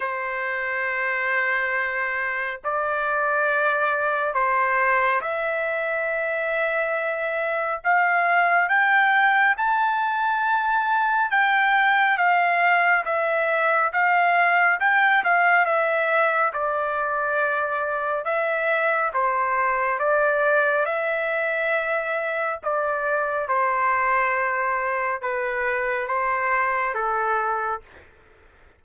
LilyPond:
\new Staff \with { instrumentName = "trumpet" } { \time 4/4 \tempo 4 = 69 c''2. d''4~ | d''4 c''4 e''2~ | e''4 f''4 g''4 a''4~ | a''4 g''4 f''4 e''4 |
f''4 g''8 f''8 e''4 d''4~ | d''4 e''4 c''4 d''4 | e''2 d''4 c''4~ | c''4 b'4 c''4 a'4 | }